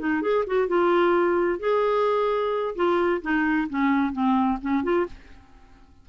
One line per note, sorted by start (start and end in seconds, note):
0.00 0.22 D#4
0.22 0.45 G#4
0.47 0.68 F#4
0.68 1.60 F4
1.60 2.75 G#4
2.76 3.22 F4
3.22 3.68 D#4
3.70 4.13 C#4
4.13 4.59 C4
4.62 4.84 C#4
4.84 5.07 F4